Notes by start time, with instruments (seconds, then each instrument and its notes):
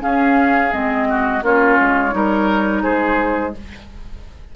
0.00 clarinet C#4, bassoon C#4, oboe G#4, flute F5
0.71 bassoon G#3, clarinet C4, flute D#5
1.09 oboe F#4
1.42 bassoon A#3, clarinet C#4, oboe F4, flute C#5
1.80 bassoon G#3
2.11 bassoon G3, clarinet D#4, oboe A#4
2.82 bassoon G#3, oboe G#4, flute C5